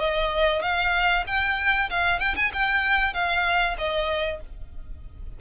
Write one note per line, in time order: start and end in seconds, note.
0.00 0.62 D#5
0.62 1.24 F5
1.27 1.90 G5
1.90 2.20 F5
2.20 2.36 G5
2.36 2.52 G#5
2.53 3.14 G5
3.14 3.76 F5
3.78 4.41 D#5